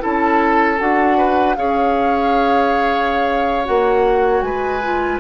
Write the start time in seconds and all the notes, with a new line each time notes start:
0.00 C#4 E4 A4 A5
0.79 D4 F#4 F#5
1.18 B4
1.56 C#4 G#4 C#5 F5
3.65 A#3 F#4 F#5
4.42 G#3 B4 G#5
4.83 F4